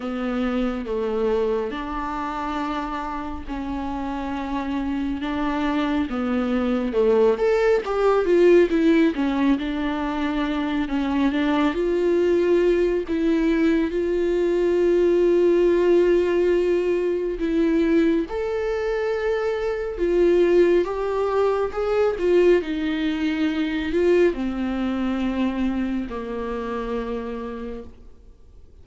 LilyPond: \new Staff \with { instrumentName = "viola" } { \time 4/4 \tempo 4 = 69 b4 a4 d'2 | cis'2 d'4 b4 | a8 a'8 g'8 f'8 e'8 cis'8 d'4~ | d'8 cis'8 d'8 f'4. e'4 |
f'1 | e'4 a'2 f'4 | g'4 gis'8 f'8 dis'4. f'8 | c'2 ais2 | }